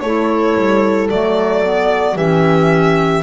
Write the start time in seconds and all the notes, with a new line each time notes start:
0.00 A3 E4 A4 C#5
0.55 G3
1.10 F#3 A3 D5
1.63 B3
2.15 E3 C#4 G4 E5